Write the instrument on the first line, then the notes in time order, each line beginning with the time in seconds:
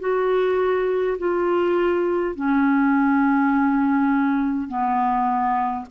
clarinet
0.00 F#4
1.19 F4
2.36 C#4
4.68 B3